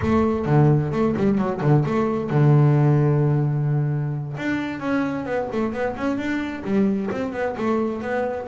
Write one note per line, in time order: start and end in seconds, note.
0.02 0.45 A3
0.45 0.91 D3
0.92 1.15 A3
1.17 1.37 G3
1.37 1.60 F#3
1.61 1.84 D3
1.85 2.30 A3
2.30 4.36 D3
4.37 4.79 D4
4.79 5.25 C#4
5.25 5.48 B3
5.52 5.72 A3
5.72 5.95 B3
5.96 6.17 C#4
6.17 6.63 D4
6.64 7.10 G3
7.11 7.32 C4
7.32 7.55 B3
7.56 8.02 A3
8.02 8.47 B3